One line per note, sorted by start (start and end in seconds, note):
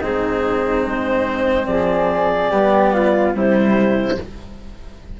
0.00 0.85 G#2
0.00 2.51 C4
0.00 1.67 D#4
0.00 0.86 G#4
0.85 1.67 G#3
0.85 1.66 C5
1.66 2.50 F3
1.66 2.51 G#4
1.66 3.32 D5
2.51 3.33 G3
2.51 3.34 B3
2.51 2.93 G4
2.93 3.35 F4
3.33 4.16 C3
3.33 4.17 G3
3.33 4.20 E4
3.33 4.20 C5